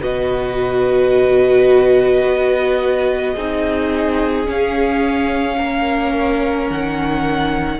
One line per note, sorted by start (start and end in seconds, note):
0.00 2.24 B2
0.00 3.35 F#4
0.00 3.33 B4
0.00 4.47 D#5
2.24 3.35 B3
3.33 4.47 C4
3.33 4.45 D#4
3.33 5.55 G#4
4.45 7.78 C#4
4.45 5.59 C#4
4.45 6.70 F5
5.57 6.70 A#3
5.57 7.79 A#4
6.70 7.79 D#3
6.70 7.79 F#5